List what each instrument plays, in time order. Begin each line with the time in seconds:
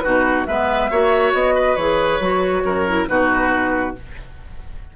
0.00 bassoon B2, clarinet D#4, oboe F#4, flute B4
0.46 bassoon G#3, clarinet B3, oboe B4, flute E5
0.91 bassoon A#3, clarinet F#4, oboe C#5
1.33 bassoon B3, flute D#5
1.55 oboe B4
1.76 bassoon E3, clarinet G#4, flute C#5
2.20 bassoon F#3, clarinet F#4
2.65 bassoon F#2, oboe A#4
2.87 clarinet E4
3.08 bassoon B2, clarinet D#4, oboe F#4, flute B4